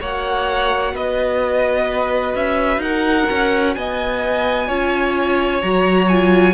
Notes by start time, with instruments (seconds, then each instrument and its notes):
0.00 cello A#3, viola F#4, violin C#5 F#5
0.93 cello B3, violin B4 D#5
2.35 cello C#4, violin E5
2.77 cello D#4, violin A#4 F#5
3.30 cello C#4
3.74 cello B3, violin D#5 G#5
4.67 cello C#4, viola F4, violin C#5
5.62 cello F#3, viola F#4, violin A#5
6.08 viola F4, violin G#5